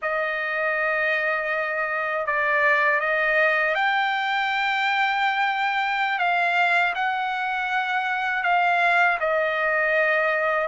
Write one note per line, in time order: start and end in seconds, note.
0.01 2.26 D#5
2.26 3.00 D5
3.00 3.74 D#5
3.74 6.18 G5
6.18 6.93 F5
6.94 8.43 F#5
8.43 9.18 F5
9.20 10.67 D#5